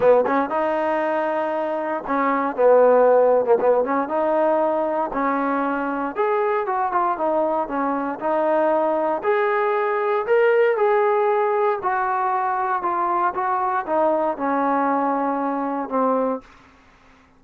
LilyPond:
\new Staff \with { instrumentName = "trombone" } { \time 4/4 \tempo 4 = 117 b8 cis'8 dis'2. | cis'4 b4.~ b16 ais16 b8 cis'8 | dis'2 cis'2 | gis'4 fis'8 f'8 dis'4 cis'4 |
dis'2 gis'2 | ais'4 gis'2 fis'4~ | fis'4 f'4 fis'4 dis'4 | cis'2. c'4 | }